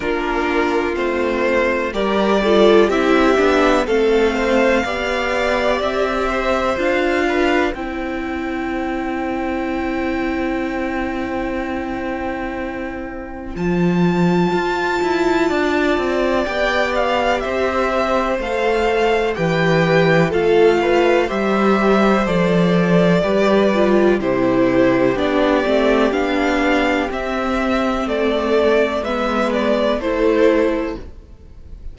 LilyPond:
<<
  \new Staff \with { instrumentName = "violin" } { \time 4/4 \tempo 4 = 62 ais'4 c''4 d''4 e''4 | f''2 e''4 f''4 | g''1~ | g''2 a''2~ |
a''4 g''8 f''8 e''4 f''4 | g''4 f''4 e''4 d''4~ | d''4 c''4 d''4 f''4 | e''4 d''4 e''8 d''8 c''4 | }
  \new Staff \with { instrumentName = "violin" } { \time 4/4 f'2 ais'8 a'8 g'4 | a'8 c''8 d''4. c''4 b'8 | c''1~ | c''1 |
d''2 c''2 | b'4 a'8 b'8 c''2 | b'4 g'2.~ | g'4 a'4 b'4 a'4 | }
  \new Staff \with { instrumentName = "viola" } { \time 4/4 d'4 c'4 g'8 f'8 e'8 d'8 | c'4 g'2 f'4 | e'1~ | e'2 f'2~ |
f'4 g'2 a'4 | g'4 f'4 g'4 a'4 | g'8 f'8 e'4 d'8 c'8 d'4 | c'2 b4 e'4 | }
  \new Staff \with { instrumentName = "cello" } { \time 4/4 ais4 a4 g4 c'8 b8 | a4 b4 c'4 d'4 | c'1~ | c'2 f4 f'8 e'8 |
d'8 c'8 b4 c'4 a4 | e4 a4 g4 f4 | g4 c4 b8 a8 b4 | c'4 a4 gis4 a4 | }
>>